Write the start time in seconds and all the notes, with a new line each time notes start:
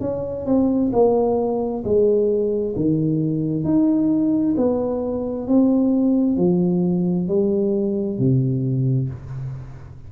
0.00 C#4
0.46 C4
0.92 A#3
1.84 G#3
2.76 D#3
3.64 D#4
4.57 B3
5.47 C4
6.37 F3
7.28 G3
8.18 C3